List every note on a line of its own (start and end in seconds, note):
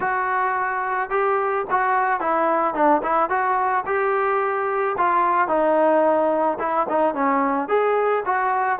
0.00 1.10 F#4
1.10 1.65 G4
1.70 2.20 F#4
2.20 2.74 E4
2.74 3.01 D4
3.03 3.29 E4
3.29 3.84 F#4
3.85 4.95 G4
4.97 5.48 F4
5.48 6.58 D#4
6.59 6.86 E4
6.89 7.14 D#4
7.14 7.68 C#4
7.68 8.23 G#4
8.25 8.79 F#4